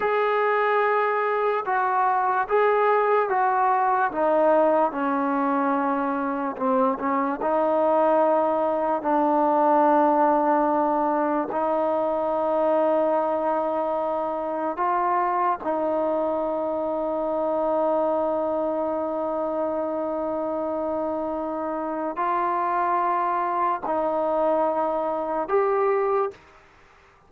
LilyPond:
\new Staff \with { instrumentName = "trombone" } { \time 4/4 \tempo 4 = 73 gis'2 fis'4 gis'4 | fis'4 dis'4 cis'2 | c'8 cis'8 dis'2 d'4~ | d'2 dis'2~ |
dis'2 f'4 dis'4~ | dis'1~ | dis'2. f'4~ | f'4 dis'2 g'4 | }